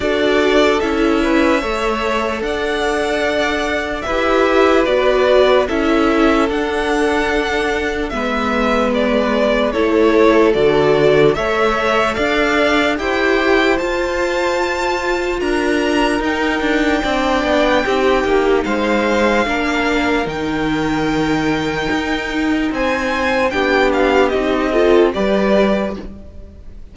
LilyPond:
<<
  \new Staff \with { instrumentName = "violin" } { \time 4/4 \tempo 4 = 74 d''4 e''2 fis''4~ | fis''4 e''4 d''4 e''4 | fis''2 e''4 d''4 | cis''4 d''4 e''4 f''4 |
g''4 a''2 ais''4 | g''2. f''4~ | f''4 g''2. | gis''4 g''8 f''8 dis''4 d''4 | }
  \new Staff \with { instrumentName = "violin" } { \time 4/4 a'4. b'8 cis''4 d''4~ | d''4 b'2 a'4~ | a'2 b'2 | a'2 cis''4 d''4 |
c''2. ais'4~ | ais'4 d''4 g'4 c''4 | ais'1 | c''4 g'4. a'8 b'4 | }
  \new Staff \with { instrumentName = "viola" } { \time 4/4 fis'4 e'4 a'2~ | a'4 g'4 fis'4 e'4 | d'2 b2 | e'4 fis'4 a'2 |
g'4 f'2. | dis'4 d'4 dis'2 | d'4 dis'2.~ | dis'4 d'4 dis'8 f'8 g'4 | }
  \new Staff \with { instrumentName = "cello" } { \time 4/4 d'4 cis'4 a4 d'4~ | d'4 e'4 b4 cis'4 | d'2 gis2 | a4 d4 a4 d'4 |
e'4 f'2 d'4 | dis'8 d'8 c'8 b8 c'8 ais8 gis4 | ais4 dis2 dis'4 | c'4 b4 c'4 g4 | }
>>